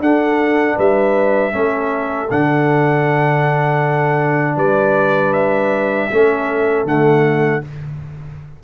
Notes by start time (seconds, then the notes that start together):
0.00 D4 A4 F#5
0.76 G3 B4 E5
1.52 A3 C#4 A4
2.31 D3 D4 F#5
4.56 G3 B4 D5
5.33 E5
6.11 A3 C#4 A4
6.84 D3 A3 F#5